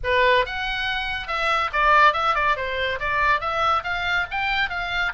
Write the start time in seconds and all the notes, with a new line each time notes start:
0.03 B4
0.45 F#5
1.27 E5
1.73 D5
2.13 E5
2.35 D5
2.56 C5
2.99 D5
3.40 E5
3.83 F5
4.31 G5
4.69 F5